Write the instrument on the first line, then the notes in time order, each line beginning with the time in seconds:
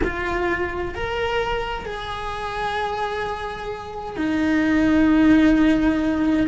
cello
0.03 F4
0.94 A#4
1.85 G#4
4.16 D#4